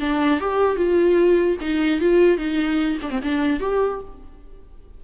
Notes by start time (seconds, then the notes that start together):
0.00 D4
0.40 G4
0.76 F4
1.61 D#4
2.00 F4
2.37 D#4
3.02 D4
3.10 C4
3.23 D4
3.60 G4